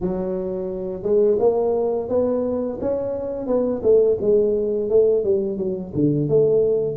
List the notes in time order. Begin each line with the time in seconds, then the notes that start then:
0.01 F#3
1.02 G#3
1.39 A#3
2.09 B3
2.81 C#4
3.46 B3
3.82 A3
4.21 G#3
4.89 A3
5.23 G3
5.57 F#3
5.94 D3
6.28 A3